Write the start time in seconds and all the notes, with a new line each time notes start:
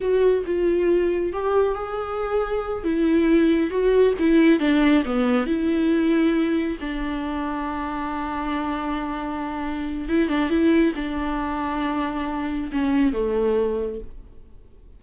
0.00 F#4
0.46 F4
1.32 G4
1.74 G#4
2.84 E4
3.70 F#4
4.19 E4
4.59 D4
5.05 B3
5.46 E4
6.80 D4
10.08 E4
10.28 D4
10.49 E4
10.95 D4
12.71 C#4
13.12 A3